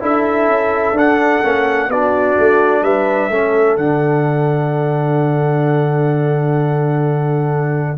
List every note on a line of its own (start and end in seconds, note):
0.00 0.48 D4
0.00 0.94 E4
0.00 1.89 A4
0.00 0.98 E5
0.48 0.92 C#4
0.92 1.39 D4
0.92 1.44 D4
0.92 1.91 F#5
1.44 1.89 A#3
1.44 1.90 C#4
1.89 2.36 B3
1.89 3.31 D4
1.89 2.83 F#4
1.89 2.84 D5
2.39 2.82 A3
2.82 3.29 G3
2.82 3.30 B4
2.82 3.77 E5
3.30 3.77 A3
3.30 3.78 C#4
3.30 7.98 A4
3.77 7.98 D3
3.77 7.98 D4
3.77 7.98 F#5